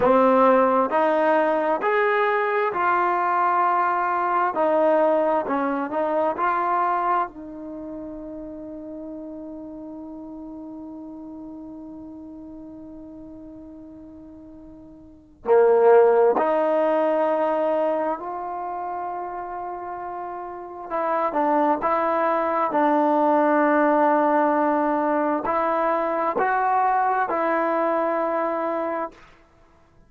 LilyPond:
\new Staff \with { instrumentName = "trombone" } { \time 4/4 \tempo 4 = 66 c'4 dis'4 gis'4 f'4~ | f'4 dis'4 cis'8 dis'8 f'4 | dis'1~ | dis'1~ |
dis'4 ais4 dis'2 | f'2. e'8 d'8 | e'4 d'2. | e'4 fis'4 e'2 | }